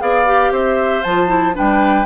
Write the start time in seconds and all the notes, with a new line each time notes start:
0.00 B3 G#4 D5 F5
0.26 G4
0.52 C4 C5 E5
1.04 F3 F4 A5
1.27 E4
1.54 G3 D4 B4 G5